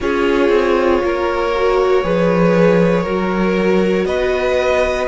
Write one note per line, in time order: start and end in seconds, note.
0.00 0.49 C#4
0.00 1.53 F4
0.00 1.02 G#4
0.00 4.06 C#5
0.49 1.00 C4
1.03 2.03 A#3
1.03 2.04 A#4
1.56 2.03 F#4
2.03 3.05 F3
2.03 3.05 G#4
2.03 3.03 B4
3.03 4.05 F#3
3.03 5.07 F#4
3.03 4.05 A#4
4.05 5.07 B3
4.05 5.07 B4
4.05 5.07 D#5